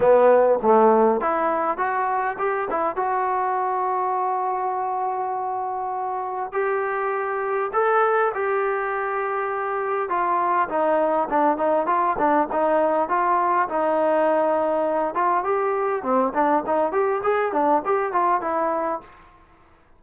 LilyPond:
\new Staff \with { instrumentName = "trombone" } { \time 4/4 \tempo 4 = 101 b4 a4 e'4 fis'4 | g'8 e'8 fis'2.~ | fis'2. g'4~ | g'4 a'4 g'2~ |
g'4 f'4 dis'4 d'8 dis'8 | f'8 d'8 dis'4 f'4 dis'4~ | dis'4. f'8 g'4 c'8 d'8 | dis'8 g'8 gis'8 d'8 g'8 f'8 e'4 | }